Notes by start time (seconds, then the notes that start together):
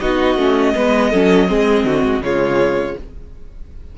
0.00 B3 D#4 F#4 D#5
0.36 A3 C#4
0.74 G#3 B3 B4
1.10 F#3 C#4 A4
1.47 G#3 C4 G#4
1.84 D3 F#4
2.04 G#3
2.20 C#3 G#3 F4 C#5